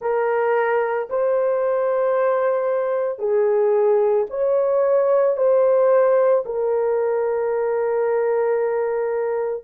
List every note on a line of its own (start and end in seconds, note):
0.00 1.08 A#4
1.10 3.19 C5
3.19 4.26 G#4
4.30 5.36 C#5
5.36 6.43 C5
6.45 9.64 A#4